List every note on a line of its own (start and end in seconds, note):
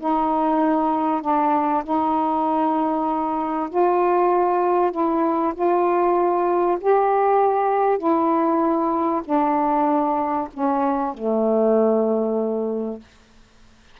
0.00 1.22 D#4
1.22 1.84 D4
1.84 3.69 D#4
3.70 4.92 F4
4.92 5.54 E4
5.55 6.78 F4
6.81 7.98 G4
7.98 9.22 E4
9.25 10.48 D4
10.54 11.15 C#4
11.15 13.00 A3